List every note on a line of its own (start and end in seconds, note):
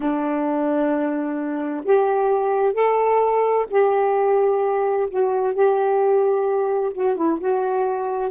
0.00 1.84 D4
1.85 2.73 G4
2.73 3.65 A4
3.70 5.09 G4
5.09 5.54 F#4
5.54 6.92 G4
6.93 7.15 F#4
7.15 7.38 E4
7.39 8.30 F#4